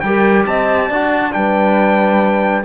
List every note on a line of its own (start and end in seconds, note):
0.00 0.46 G3
0.00 0.92 G4
0.00 0.44 G5
0.06 0.47 A#4
0.46 0.90 C4
0.46 0.88 D#5
0.46 1.33 A5
0.88 1.34 D4
0.88 1.32 F#4
0.88 1.32 D5
1.32 2.65 G3
1.32 2.64 D4
1.32 2.65 B4
1.32 2.64 G5